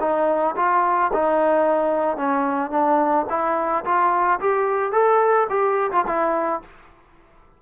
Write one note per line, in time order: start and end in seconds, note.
0.00 0.55 D#4
0.56 1.11 F4
1.13 2.17 D#4
2.17 2.71 C#4
2.71 3.26 D4
3.30 3.85 E4
3.85 4.40 F4
4.40 4.92 G4
4.92 5.47 A4
5.50 5.91 G4
5.91 6.05 F4
6.07 6.62 E4